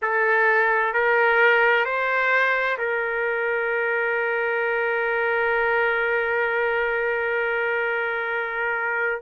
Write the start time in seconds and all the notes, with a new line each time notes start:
0.02 A4
0.93 A#4
1.85 C5
2.77 A#4